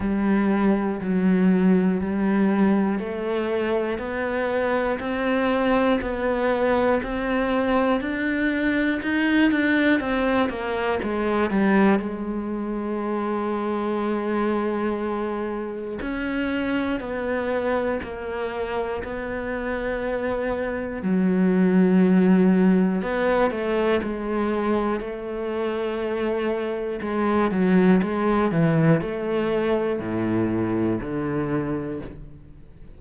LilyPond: \new Staff \with { instrumentName = "cello" } { \time 4/4 \tempo 4 = 60 g4 fis4 g4 a4 | b4 c'4 b4 c'4 | d'4 dis'8 d'8 c'8 ais8 gis8 g8 | gis1 |
cis'4 b4 ais4 b4~ | b4 fis2 b8 a8 | gis4 a2 gis8 fis8 | gis8 e8 a4 a,4 d4 | }